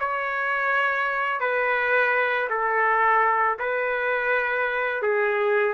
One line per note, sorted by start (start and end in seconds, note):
0.00 1.40 C#5
1.40 2.48 B4
2.50 3.58 A4
3.59 5.02 B4
5.02 5.74 G#4